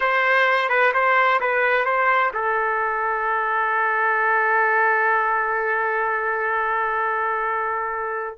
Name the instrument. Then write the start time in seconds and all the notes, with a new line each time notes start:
trumpet
0.00 C5
0.69 B4
0.93 C5
1.40 B4
1.85 C5
2.33 A4